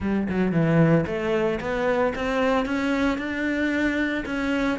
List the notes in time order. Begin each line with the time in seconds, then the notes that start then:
0.00 G3
0.29 F#3
0.52 E3
1.06 A3
1.60 B3
2.15 C4
2.65 C#4
3.18 D4
4.25 C#4